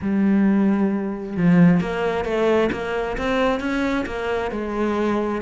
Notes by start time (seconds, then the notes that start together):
0.01 G3
1.36 F3
1.80 A#3
2.24 A3
2.72 A#3
3.17 C4
3.60 C#4
4.06 A#3
4.51 G#3